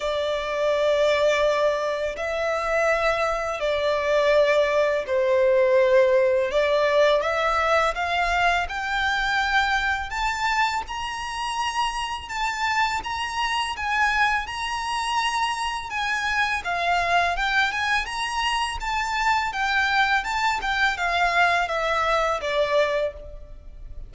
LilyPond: \new Staff \with { instrumentName = "violin" } { \time 4/4 \tempo 4 = 83 d''2. e''4~ | e''4 d''2 c''4~ | c''4 d''4 e''4 f''4 | g''2 a''4 ais''4~ |
ais''4 a''4 ais''4 gis''4 | ais''2 gis''4 f''4 | g''8 gis''8 ais''4 a''4 g''4 | a''8 g''8 f''4 e''4 d''4 | }